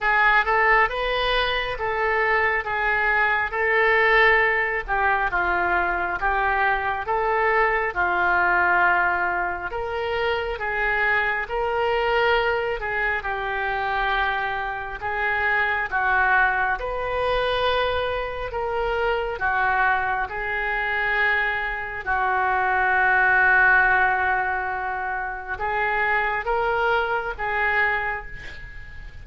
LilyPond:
\new Staff \with { instrumentName = "oboe" } { \time 4/4 \tempo 4 = 68 gis'8 a'8 b'4 a'4 gis'4 | a'4. g'8 f'4 g'4 | a'4 f'2 ais'4 | gis'4 ais'4. gis'8 g'4~ |
g'4 gis'4 fis'4 b'4~ | b'4 ais'4 fis'4 gis'4~ | gis'4 fis'2.~ | fis'4 gis'4 ais'4 gis'4 | }